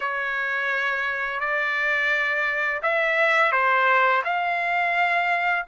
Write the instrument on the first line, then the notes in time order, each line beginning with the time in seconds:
trumpet
0.00 C#5
1.40 D5
2.82 E5
3.51 C5
4.24 F5